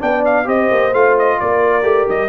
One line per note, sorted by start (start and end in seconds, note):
0.00 0.47 B3
0.00 0.45 D4
0.00 0.46 D5
0.00 0.25 G5
0.26 0.48 F5
0.45 0.70 C4
0.45 0.91 G4
0.45 1.39 C5
0.45 0.94 D#5
0.71 0.93 A#3
0.93 1.39 A3
0.93 1.83 F4
0.93 1.17 F5
1.19 1.40 D#5
1.40 1.83 A#3
1.40 2.30 A#4
1.40 2.09 D5
1.83 2.06 A3
1.83 2.29 G4
2.09 2.30 G3
2.09 2.30 D#5